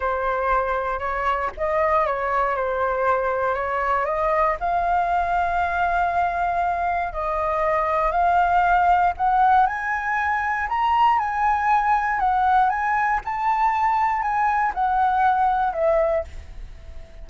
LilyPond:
\new Staff \with { instrumentName = "flute" } { \time 4/4 \tempo 4 = 118 c''2 cis''4 dis''4 | cis''4 c''2 cis''4 | dis''4 f''2.~ | f''2 dis''2 |
f''2 fis''4 gis''4~ | gis''4 ais''4 gis''2 | fis''4 gis''4 a''2 | gis''4 fis''2 e''4 | }